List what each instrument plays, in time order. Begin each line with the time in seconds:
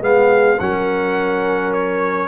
0.00 tuba G#3, trombone B3, horn G#4, trumpet F5
0.59 tuba F#3, trombone C#4, horn A#4, trumpet F#5
1.73 trumpet C#5